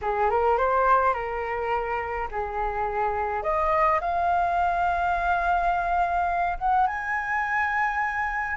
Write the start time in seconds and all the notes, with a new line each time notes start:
0.01 G#4
0.30 A#4
0.57 C5
1.13 A#4
2.31 G#4
3.43 D#5
4.01 F5
6.58 F#5
6.86 G#5